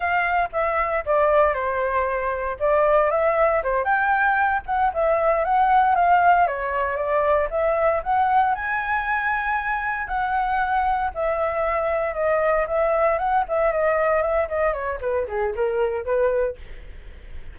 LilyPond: \new Staff \with { instrumentName = "flute" } { \time 4/4 \tempo 4 = 116 f''4 e''4 d''4 c''4~ | c''4 d''4 e''4 c''8 g''8~ | g''4 fis''8 e''4 fis''4 f''8~ | f''8 cis''4 d''4 e''4 fis''8~ |
fis''8 gis''2. fis''8~ | fis''4. e''2 dis''8~ | dis''8 e''4 fis''8 e''8 dis''4 e''8 | dis''8 cis''8 b'8 gis'8 ais'4 b'4 | }